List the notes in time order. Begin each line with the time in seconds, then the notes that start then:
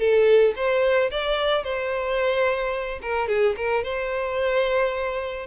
0.00 A4
0.57 C5
1.11 D5
1.64 C5
3.02 A#4
3.29 G#4
3.57 A#4
3.84 C5